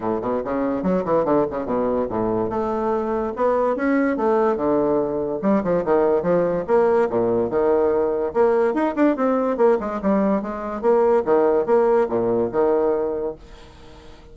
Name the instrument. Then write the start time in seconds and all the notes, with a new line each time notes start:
bassoon
0.00 A2
0.21 B2
0.44 C#3
0.82 F#3
1.04 E3
1.24 D3
1.50 C#3
1.65 B2
2.09 A2
2.49 A3
3.36 B3
3.76 C#4
4.17 A3
4.56 D3
5.42 G3
5.63 F3
5.84 D#3
6.22 F3
6.67 A#3
7.09 A#2
7.49 D#3
8.33 A#3
8.74 D#4
8.95 D4
9.16 C4
9.57 A#3
9.80 G#3
10.02 G3
10.42 G#3
10.81 A#3
11.25 D#3
11.66 A#3
12.09 A#2
12.52 D#3